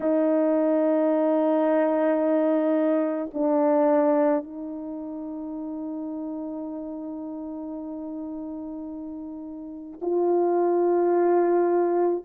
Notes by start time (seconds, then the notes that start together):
0.00 D#4
3.33 D4
4.43 D#4
10.02 F4